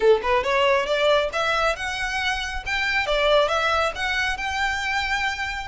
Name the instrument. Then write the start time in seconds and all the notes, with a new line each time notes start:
violin
0.00 A4
0.22 B4
0.43 C#5
0.86 D5
1.32 E5
1.76 F#5
2.66 G5
3.06 D5
3.48 E5
3.95 F#5
4.37 G5